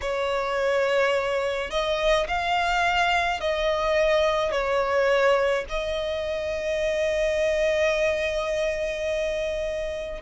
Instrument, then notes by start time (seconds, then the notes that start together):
violin
0.01 C#5
1.70 D#5
2.27 F5
3.40 D#5
4.51 C#5
5.69 D#5